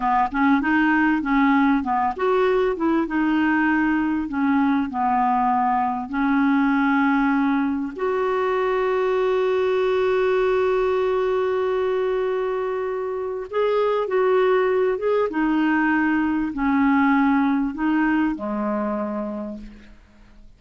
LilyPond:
\new Staff \with { instrumentName = "clarinet" } { \time 4/4 \tempo 4 = 98 b8 cis'8 dis'4 cis'4 b8 fis'8~ | fis'8 e'8 dis'2 cis'4 | b2 cis'2~ | cis'4 fis'2.~ |
fis'1~ | fis'2 gis'4 fis'4~ | fis'8 gis'8 dis'2 cis'4~ | cis'4 dis'4 gis2 | }